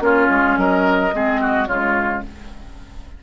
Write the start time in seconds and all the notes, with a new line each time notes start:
0.00 A#3 C#4 F4 C#5
0.30 G#3
0.57 F#3 A#4 D#5
1.13 G#3 C4 G#4
1.41 F#4
1.67 C#3 G#3 F4 C#5